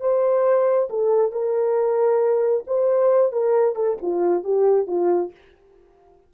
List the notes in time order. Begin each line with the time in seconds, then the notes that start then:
0.00 C5
0.89 A4
1.32 A#4
2.67 C5
3.32 A#4
3.75 A4
4.01 F4
4.44 G4
4.87 F4